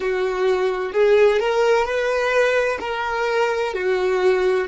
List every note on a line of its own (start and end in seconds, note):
0.00 0.92 F#4
0.92 1.39 G#4
1.39 1.85 A#4
1.85 2.78 B4
2.80 3.73 A#4
3.74 4.67 F#4